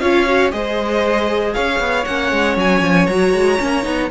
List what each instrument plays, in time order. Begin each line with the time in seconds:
0.00 cello C#4, viola F4, violin C#5 F5
0.27 viola F#4
0.52 cello G#3, viola G#4, violin C5 D#5
1.54 cello C#4, violin C#5 F5
1.80 cello B3
2.05 cello A#3, viola C#4, violin F#5
2.32 cello G#3
2.57 cello F#3, violin G#5
2.82 cello F3
3.07 cello F#3, viola F#4, violin A#5
3.34 cello G#3
3.60 cello A#3, viola C#4
3.83 cello B3, viola D#4